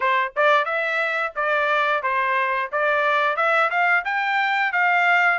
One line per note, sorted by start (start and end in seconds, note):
0.00 0.32 C5
0.36 0.65 D5
0.65 1.32 E5
1.35 2.02 D5
2.02 2.70 C5
2.72 3.36 D5
3.36 3.70 E5
3.70 4.04 F5
4.04 4.72 G5
4.72 5.39 F5